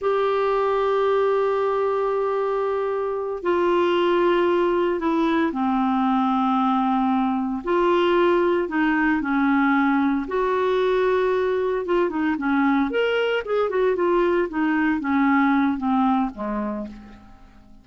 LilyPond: \new Staff \with { instrumentName = "clarinet" } { \time 4/4 \tempo 4 = 114 g'1~ | g'2~ g'8 f'4.~ | f'4. e'4 c'4.~ | c'2~ c'8 f'4.~ |
f'8 dis'4 cis'2 fis'8~ | fis'2~ fis'8 f'8 dis'8 cis'8~ | cis'8 ais'4 gis'8 fis'8 f'4 dis'8~ | dis'8 cis'4. c'4 gis4 | }